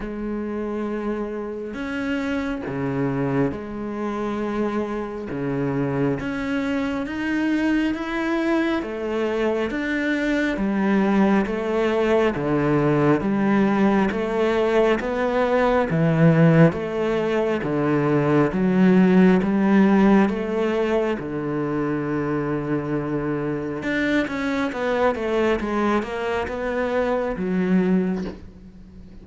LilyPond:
\new Staff \with { instrumentName = "cello" } { \time 4/4 \tempo 4 = 68 gis2 cis'4 cis4 | gis2 cis4 cis'4 | dis'4 e'4 a4 d'4 | g4 a4 d4 g4 |
a4 b4 e4 a4 | d4 fis4 g4 a4 | d2. d'8 cis'8 | b8 a8 gis8 ais8 b4 fis4 | }